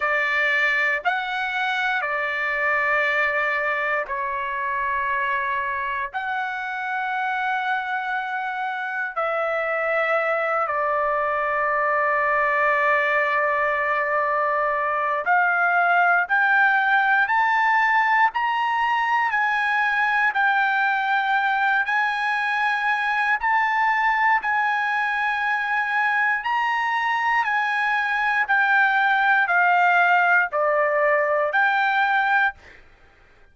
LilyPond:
\new Staff \with { instrumentName = "trumpet" } { \time 4/4 \tempo 4 = 59 d''4 fis''4 d''2 | cis''2 fis''2~ | fis''4 e''4. d''4.~ | d''2. f''4 |
g''4 a''4 ais''4 gis''4 | g''4. gis''4. a''4 | gis''2 ais''4 gis''4 | g''4 f''4 d''4 g''4 | }